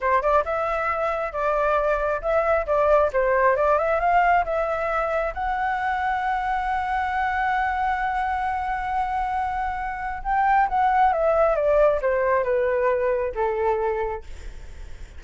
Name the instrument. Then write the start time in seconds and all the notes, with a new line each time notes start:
flute
0.00 C5
0.22 D5
0.44 E5
1.32 D5
2.21 E5
2.66 D5
3.12 C5
3.56 D5
3.78 E5
4.00 F5
4.44 E5
5.34 F#5
10.23 G5
10.68 F#5
11.12 E5
11.55 D5
12.01 C5
12.43 B4
13.34 A4